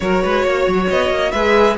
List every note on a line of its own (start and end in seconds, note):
0.00 0.23 F#3
0.00 1.34 F#4
0.00 0.23 A#4
0.00 0.88 C#5
0.23 0.44 G#3
0.23 0.45 B4
0.44 0.66 A#3
0.44 1.32 C#5
0.67 0.89 F#3
0.89 1.10 B3
0.89 1.31 D#5
1.10 1.32 A#3
1.31 1.77 G#3
1.31 1.78 G#4
1.31 1.76 B4
1.31 1.76 E5